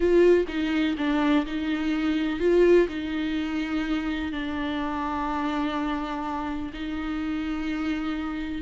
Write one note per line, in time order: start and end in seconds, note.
0.00 0.46 F4
0.48 0.96 D#4
0.97 1.45 D4
1.46 2.39 D#4
2.39 2.87 F4
2.88 4.32 D#4
4.32 6.72 D4
6.73 8.62 D#4